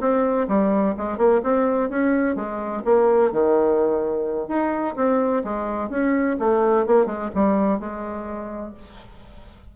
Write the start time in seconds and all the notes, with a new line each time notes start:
0.00 C4
0.48 G3
0.97 G#3
1.17 A#3
1.43 C4
1.89 C#4
2.35 G#3
2.85 A#3
3.32 D#3
4.48 D#4
4.96 C4
5.44 G#3
5.89 C#4
6.39 A3
6.86 A#3
7.06 G#3
7.34 G3
7.79 G#3